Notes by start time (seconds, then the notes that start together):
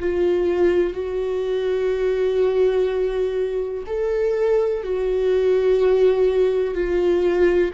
0.00 F4
0.94 F#4
3.87 A4
4.83 F#4
6.74 F4